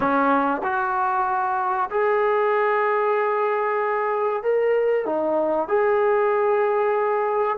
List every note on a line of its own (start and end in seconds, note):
0.00 0.61 C#4
0.63 1.89 F#4
1.90 4.42 G#4
4.42 5.05 A#4
5.05 5.68 D#4
5.68 7.57 G#4